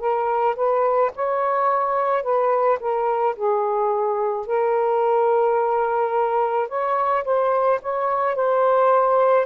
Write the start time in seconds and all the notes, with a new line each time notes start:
0.00 A#4
0.56 B4
1.16 C#5
2.24 B4
2.80 A#4
3.36 G#4
4.46 A#4
6.69 C#5
7.25 C5
7.82 C#5
8.35 C5